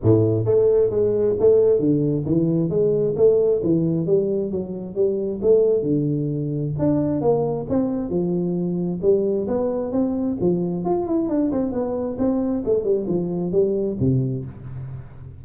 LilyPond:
\new Staff \with { instrumentName = "tuba" } { \time 4/4 \tempo 4 = 133 a,4 a4 gis4 a4 | d4 e4 gis4 a4 | e4 g4 fis4 g4 | a4 d2 d'4 |
ais4 c'4 f2 | g4 b4 c'4 f4 | f'8 e'8 d'8 c'8 b4 c'4 | a8 g8 f4 g4 c4 | }